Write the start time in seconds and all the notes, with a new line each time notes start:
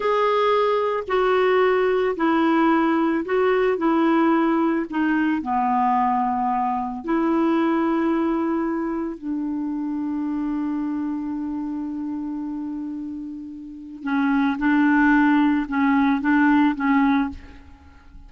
0.00 G#4
1.07 F#4
2.16 E4
3.25 F#4
3.77 E4
4.89 D#4
5.42 B3
7.04 E4
9.17 D4
14.03 C#4
14.58 D4
15.68 C#4
16.21 D4
16.75 C#4